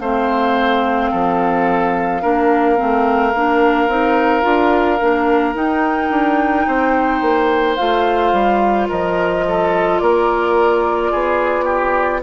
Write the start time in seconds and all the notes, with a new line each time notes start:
0.00 A3 C4 C5 F5
1.12 F3 A4
2.22 A#3 D4 A#4
2.77 A3 C4
3.34 A#3 D4
3.88 C4 D#4
4.42 D4 F4
5.00 A#3 D4
5.55 D#4 G5
6.11 D4
6.67 C4 C5
7.22 A#3
7.76 A3 F4 F5
8.33 G3
8.89 F3 A#4 D#5
9.48 A4
9.99 A#3 A#4 D5
11.12 B3 G#4
11.65 G4